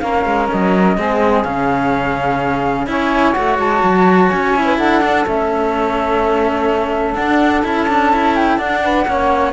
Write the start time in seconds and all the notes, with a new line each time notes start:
0.00 A#3 C#4 A#4 F5
0.25 G#3
0.51 F#3 D#5
0.97 G#3 C4 G#4
1.44 C#3 C#4 F5
2.87 C#4 E4 C#5 G#5
3.33 A3 F#4 F#5
3.59 G#3 A5
3.83 F#3
4.29 C#4 G#5
4.56 E4
4.65 B4
4.77 D4 A4 F#5
5.02 D4
5.27 A3 C#4 E5
7.15 D4 F#5
7.64 C#4 E4 A5
7.89 D4
8.12 E4
8.36 G5
8.57 D4 F#5
8.83 B4
9.06 A#3 C#4 C#5